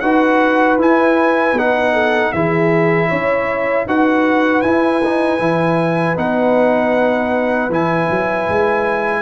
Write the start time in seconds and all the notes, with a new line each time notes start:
0.00 D#4 F#4 B4 F#5
0.78 E4 G#5
1.53 B3 D#4 F#5
1.94 A4
2.32 E3 E4 G#4 E5
3.08 C#4 C#5
3.86 D#4 F#4 B4 F#5
4.62 E4 G#5
5.04 D#4
5.39 E3 E4
6.16 B3 D#4 F#5
7.69 E3 E4 G#5
8.10 F#3
8.49 G#3